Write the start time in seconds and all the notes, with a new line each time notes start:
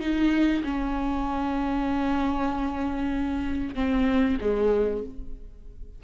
0.00 D#4
0.63 C#4
3.75 C4
4.40 G#3